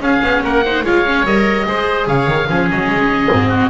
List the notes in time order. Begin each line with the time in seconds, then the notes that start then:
0.00 C#4 G#4 F5
0.22 B3
0.43 A#3 A#4 F#5
0.64 D#4 C5
0.82 G#3 F4 C#5 F5
1.05 C#4
1.24 G3 A#4 D#5
1.65 G#3 G#4 C5
2.07 C#3 C#5 F5
2.27 D#3
2.48 F3 C#4 G#4
2.70 F#3 D#5
2.87 G#3
3.31 G#2 C4
3.48 F#4